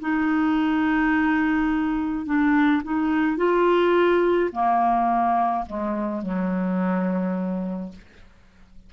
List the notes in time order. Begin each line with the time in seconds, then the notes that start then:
0.00 D#4
2.26 D4
2.83 D#4
3.37 F4
4.52 A#3
5.66 G#3
6.22 F#3